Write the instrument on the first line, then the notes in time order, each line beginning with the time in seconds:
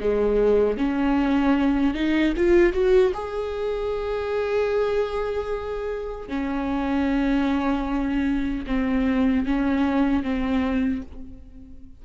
viola
0.00 G#3
0.77 C#4
1.94 D#4
2.36 F4
2.73 F#4
3.14 G#4
6.28 C#4
8.67 C4
9.46 C#4
10.23 C4